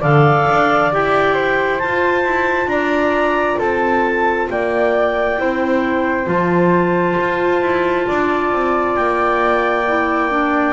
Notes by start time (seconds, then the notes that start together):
0.00 D3 A4 D5 F5
0.49 D4
0.92 E4 G4 G5
1.34 C5
1.79 F4 A5
2.25 E4
2.66 D4 D5 A#5
3.59 C4 A4 A5
4.50 A#3 D5 G5
5.38 C4 E4 C5
6.25 F3 F4 A5
7.19 F4
7.62 E4
8.07 D4 D5
8.52 C4
8.96 A#3 G5
9.87 E4
10.30 D4